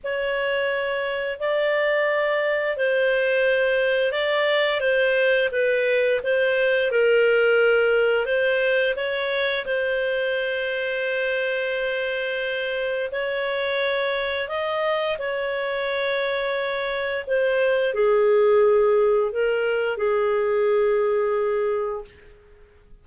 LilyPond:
\new Staff \with { instrumentName = "clarinet" } { \time 4/4 \tempo 4 = 87 cis''2 d''2 | c''2 d''4 c''4 | b'4 c''4 ais'2 | c''4 cis''4 c''2~ |
c''2. cis''4~ | cis''4 dis''4 cis''2~ | cis''4 c''4 gis'2 | ais'4 gis'2. | }